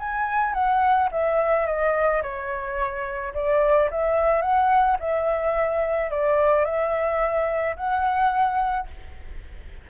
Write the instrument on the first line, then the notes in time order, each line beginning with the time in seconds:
flute
0.00 G#5
0.54 F#5
1.12 E5
1.66 D#5
2.22 C#5
3.34 D5
3.91 E5
4.42 F#5
5.00 E5
6.11 D5
6.65 E5
7.77 F#5